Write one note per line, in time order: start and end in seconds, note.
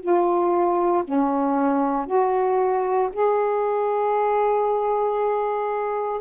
0.00 1.03 F4
1.04 2.06 C#4
2.06 3.09 F#4
3.12 6.21 G#4